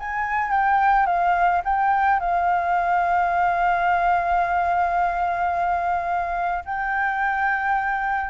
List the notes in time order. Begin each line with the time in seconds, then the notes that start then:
0.00 G#5
0.51 G5
1.06 F5
1.64 G5
2.20 F5
6.65 G5